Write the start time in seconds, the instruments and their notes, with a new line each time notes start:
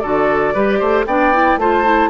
0.00 bassoon D3, clarinet F#4, oboe A4, flute D5
0.54 bassoon G3, clarinet G4, oboe B4
0.79 bassoon A3, oboe C5
1.06 bassoon B3, clarinet D4, oboe D5, flute G5
1.33 clarinet E4
1.57 bassoon A3, clarinet F4, oboe C5, flute A5
1.85 clarinet E4